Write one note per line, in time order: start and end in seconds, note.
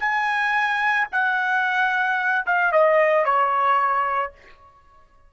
0.00 1.07 G#5
1.12 2.45 F#5
2.46 2.72 F5
2.72 3.25 D#5
3.25 4.32 C#5